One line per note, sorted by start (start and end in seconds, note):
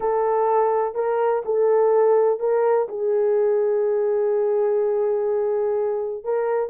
0.00 0.94 A4
0.94 1.42 A#4
1.45 2.39 A4
2.39 2.87 A#4
2.88 6.24 G#4
6.24 6.69 A#4